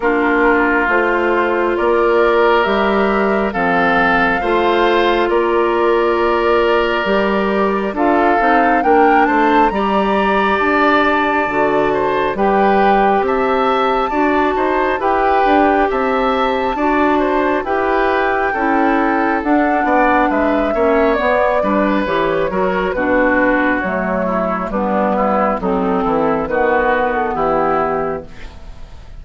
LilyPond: <<
  \new Staff \with { instrumentName = "flute" } { \time 4/4 \tempo 4 = 68 ais'4 c''4 d''4 e''4 | f''2 d''2~ | d''4 f''4 g''8 a''8 ais''4 | a''2 g''4 a''4~ |
a''4 g''4 a''2 | g''2 fis''4 e''4 | d''4 cis''4 b'4 cis''4 | b'4 a'4 b'8. a'16 g'4 | }
  \new Staff \with { instrumentName = "oboe" } { \time 4/4 f'2 ais'2 | a'4 c''4 ais'2~ | ais'4 a'4 ais'8 c''8 d''4~ | d''4. c''8 b'4 e''4 |
d''8 c''8 b'4 e''4 d''8 c''8 | b'4 a'4. d''8 b'8 cis''8~ | cis''8 b'4 ais'8 fis'4. e'8 | d'8 e'8 dis'8 e'8 fis'4 e'4 | }
  \new Staff \with { instrumentName = "clarinet" } { \time 4/4 d'4 f'2 g'4 | c'4 f'2. | g'4 f'8 dis'8 d'4 g'4~ | g'4 fis'4 g'2 |
fis'4 g'2 fis'4 | g'4 e'4 d'4. cis'8 | b8 d'8 g'8 fis'8 d'4 a4 | b4 c'4 b2 | }
  \new Staff \with { instrumentName = "bassoon" } { \time 4/4 ais4 a4 ais4 g4 | f4 a4 ais2 | g4 d'8 c'8 ais8 a8 g4 | d'4 d4 g4 c'4 |
d'8 dis'8 e'8 d'8 c'4 d'4 | e'4 cis'4 d'8 b8 gis8 ais8 | b8 g8 e8 fis8 b,4 fis4 | g4 fis8 e8 dis4 e4 | }
>>